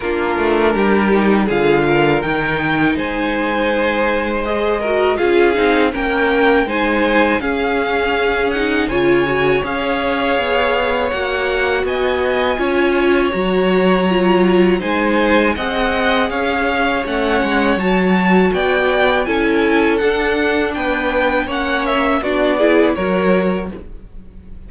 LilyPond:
<<
  \new Staff \with { instrumentName = "violin" } { \time 4/4 \tempo 4 = 81 ais'2 f''4 g''4 | gis''2 dis''4 f''4 | g''4 gis''4 f''4. fis''8 | gis''4 f''2 fis''4 |
gis''2 ais''2 | gis''4 fis''4 f''4 fis''4 | a''4 g''4 gis''4 fis''4 | g''4 fis''8 e''8 d''4 cis''4 | }
  \new Staff \with { instrumentName = "violin" } { \time 4/4 f'4 g'4 gis'8 ais'4. | c''2~ c''8 ais'8 gis'4 | ais'4 c''4 gis'2 | cis''1 |
dis''4 cis''2. | c''4 dis''4 cis''2~ | cis''4 d''4 a'2 | b'4 cis''4 fis'8 gis'8 ais'4 | }
  \new Staff \with { instrumentName = "viola" } { \time 4/4 d'4. dis'8 f'4 dis'4~ | dis'2 gis'8 fis'8 f'8 dis'8 | cis'4 dis'4 cis'4. dis'8 | f'8 fis'8 gis'2 fis'4~ |
fis'4 f'4 fis'4 f'4 | dis'4 gis'2 cis'4 | fis'2 e'4 d'4~ | d'4 cis'4 d'8 e'8 fis'4 | }
  \new Staff \with { instrumentName = "cello" } { \time 4/4 ais8 a8 g4 d4 dis4 | gis2. cis'8 c'8 | ais4 gis4 cis'2 | cis4 cis'4 b4 ais4 |
b4 cis'4 fis2 | gis4 c'4 cis'4 a8 gis8 | fis4 b4 cis'4 d'4 | b4 ais4 b4 fis4 | }
>>